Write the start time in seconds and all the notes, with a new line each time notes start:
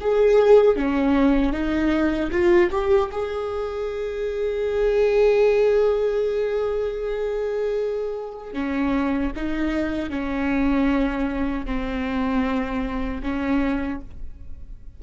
0.00 G#4
0.76 C#4
1.52 D#4
2.31 F4
2.71 G4
3.11 G#4
8.53 C#4
9.35 D#4
10.09 C#4
11.65 C4
13.22 C#4